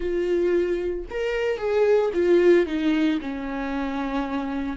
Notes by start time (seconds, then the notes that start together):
0.00 F4
1.09 A#4
1.57 G#4
2.13 F4
2.66 D#4
3.21 C#4